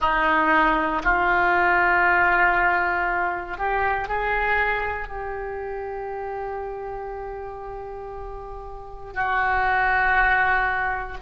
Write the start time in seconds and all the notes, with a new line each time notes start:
0.00 D#4
1.03 F4
3.57 G4
4.08 G#4
5.08 G4
9.13 F#4